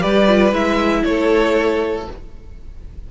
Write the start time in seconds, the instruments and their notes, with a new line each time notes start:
0.00 cello G3, viola G4, violin B4 D5
0.28 viola F4
0.52 cello G#3, viola E4, violin E5
1.04 cello A3, violin A4 C#5